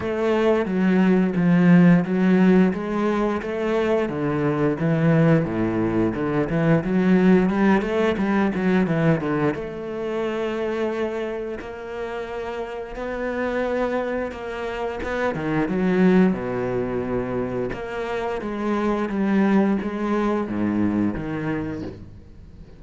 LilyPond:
\new Staff \with { instrumentName = "cello" } { \time 4/4 \tempo 4 = 88 a4 fis4 f4 fis4 | gis4 a4 d4 e4 | a,4 d8 e8 fis4 g8 a8 | g8 fis8 e8 d8 a2~ |
a4 ais2 b4~ | b4 ais4 b8 dis8 fis4 | b,2 ais4 gis4 | g4 gis4 gis,4 dis4 | }